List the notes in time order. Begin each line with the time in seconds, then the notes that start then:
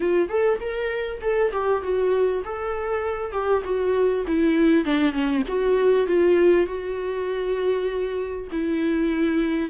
0.00 F4
0.28 A4
0.60 A#4
1.21 A4
1.52 G4
1.82 F#4
2.44 A4
3.32 G4
3.64 F#4
4.27 E4
4.84 D4
5.12 C#4
5.47 F#4
6.06 F4
6.66 F#4
8.51 E4